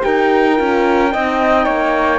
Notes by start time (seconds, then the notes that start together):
0.00 D#4 G4 A#4 G5
0.56 C#4 F4
1.12 C4 D#4 D#5
1.65 A#3 C#5